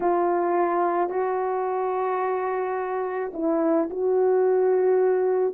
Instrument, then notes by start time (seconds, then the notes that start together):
horn
0.00 F4
1.09 F#4
3.33 E4
3.89 F#4